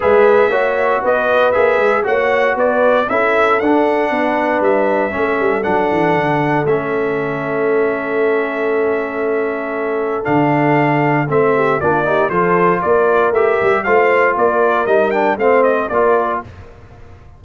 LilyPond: <<
  \new Staff \with { instrumentName = "trumpet" } { \time 4/4 \tempo 4 = 117 e''2 dis''4 e''4 | fis''4 d''4 e''4 fis''4~ | fis''4 e''2 fis''4~ | fis''4 e''2.~ |
e''1 | f''2 e''4 d''4 | c''4 d''4 e''4 f''4 | d''4 dis''8 g''8 f''8 dis''8 d''4 | }
  \new Staff \with { instrumentName = "horn" } { \time 4/4 b'4 cis''4 b'2 | cis''4 b'4 a'2 | b'2 a'2~ | a'1~ |
a'1~ | a'2~ a'8 g'8 f'8 g'8 | a'4 ais'2 c''4 | ais'2 c''4 ais'4 | }
  \new Staff \with { instrumentName = "trombone" } { \time 4/4 gis'4 fis'2 gis'4 | fis'2 e'4 d'4~ | d'2 cis'4 d'4~ | d'4 cis'2.~ |
cis'1 | d'2 c'4 d'8 dis'8 | f'2 g'4 f'4~ | f'4 dis'8 d'8 c'4 f'4 | }
  \new Staff \with { instrumentName = "tuba" } { \time 4/4 gis4 ais4 b4 ais8 gis8 | ais4 b4 cis'4 d'4 | b4 g4 a8 g8 fis8 e8 | d4 a2.~ |
a1 | d2 a4 ais4 | f4 ais4 a8 g8 a4 | ais4 g4 a4 ais4 | }
>>